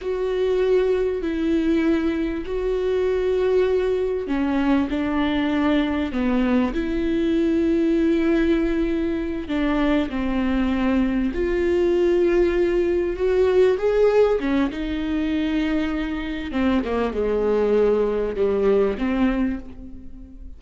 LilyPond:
\new Staff \with { instrumentName = "viola" } { \time 4/4 \tempo 4 = 98 fis'2 e'2 | fis'2. cis'4 | d'2 b4 e'4~ | e'2.~ e'8 d'8~ |
d'8 c'2 f'4.~ | f'4. fis'4 gis'4 cis'8 | dis'2. c'8 ais8 | gis2 g4 c'4 | }